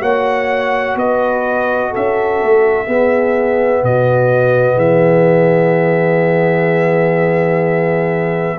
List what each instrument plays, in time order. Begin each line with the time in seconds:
0.00 tuba A#3, trombone F#4, horn C#5, trumpet F#5
0.96 tuba B3, horn B4, trumpet D#5
1.90 tuba C#4, horn A4, trumpet E5
2.43 tuba A3
2.86 trombone B3, tuba B3, horn G#4
3.83 tuba B2, horn F#4, trumpet D#5
4.75 tuba E3, horn G#4, trumpet E5